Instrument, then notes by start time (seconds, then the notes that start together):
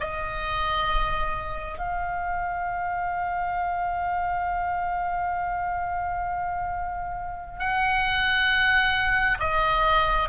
oboe
0.00 D#5
1.78 F5
7.59 F#5
9.39 D#5